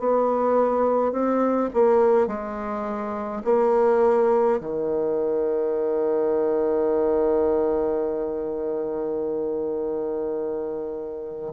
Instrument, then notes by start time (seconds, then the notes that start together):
bassoon
0.00 B3
1.12 C4
1.74 A#3
2.28 G#3
3.45 A#3
4.61 D#3